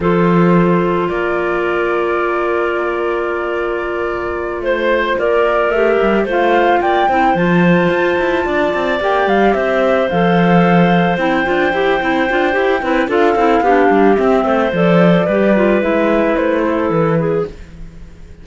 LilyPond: <<
  \new Staff \with { instrumentName = "flute" } { \time 4/4 \tempo 4 = 110 c''2 d''2~ | d''1~ | d''8 c''4 d''4 e''4 f''8~ | f''8 g''4 a''2~ a''8~ |
a''8 g''8 f''8 e''4 f''4.~ | f''8 g''2.~ g''8 | f''2 e''4 d''4~ | d''4 e''4 c''4 b'4 | }
  \new Staff \with { instrumentName = "clarinet" } { \time 4/4 a'2 ais'2~ | ais'1~ | ais'8 c''4 ais'2 c''8~ | c''8 d''8 c''2~ c''8 d''8~ |
d''4. c''2~ c''8~ | c''2.~ c''8 b'8 | a'4 g'4. c''4. | b'2~ b'8 a'4 gis'8 | }
  \new Staff \with { instrumentName = "clarinet" } { \time 4/4 f'1~ | f'1~ | f'2~ f'8 g'4 f'8~ | f'4 e'8 f'2~ f'8~ |
f'8 g'2 a'4.~ | a'8 e'8 f'8 g'8 e'8 f'8 g'8 e'8 | f'8 e'8 d'4 c'4 a'4 | g'8 f'8 e'2. | }
  \new Staff \with { instrumentName = "cello" } { \time 4/4 f2 ais2~ | ais1~ | ais8 a4 ais4 a8 g8 a8~ | a8 ais8 c'8 f4 f'8 e'8 d'8 |
c'8 ais8 g8 c'4 f4.~ | f8 c'8 d'8 e'8 c'8 d'8 e'8 c'8 | d'8 c'8 b8 g8 c'8 a8 f4 | g4 gis4 a4 e4 | }
>>